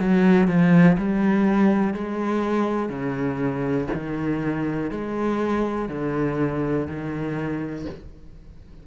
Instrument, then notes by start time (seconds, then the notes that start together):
cello
0.00 F#3
0.48 F3
0.98 G3
1.94 G#3
2.90 C#3
3.94 D#3
4.91 G#3
5.89 D3
6.88 D#3